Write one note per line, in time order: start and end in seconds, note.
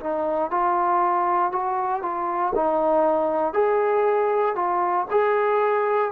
0.00 0.50 D#4
0.50 1.51 F4
1.51 2.02 F#4
2.02 2.53 F4
2.55 3.53 D#4
3.53 4.55 G#4
4.55 5.06 F4
5.10 6.11 G#4